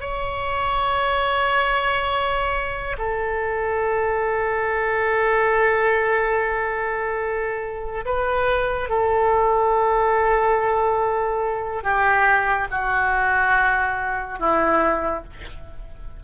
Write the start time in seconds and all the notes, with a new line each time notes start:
0.00 C#5
2.97 A4
8.05 B4
8.89 A4
11.83 G4
12.70 F#4
14.39 E4